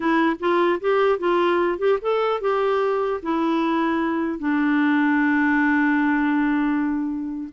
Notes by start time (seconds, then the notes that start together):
0.00 E4
0.39 F4
0.80 G4
1.18 F4
1.78 G4
2.01 A4
2.40 G4
3.22 E4
4.38 D4